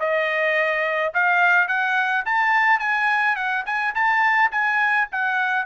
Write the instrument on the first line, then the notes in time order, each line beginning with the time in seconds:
trumpet
0.00 D#5
1.14 F5
1.68 F#5
2.26 A5
2.80 G#5
3.36 F#5
3.66 G#5
3.95 A5
4.52 G#5
5.12 F#5